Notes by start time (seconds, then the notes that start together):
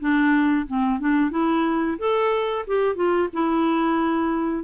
0.00 D4
0.67 C4
1.00 D4
1.31 E4
1.99 A4
2.67 G4
2.95 F4
3.33 E4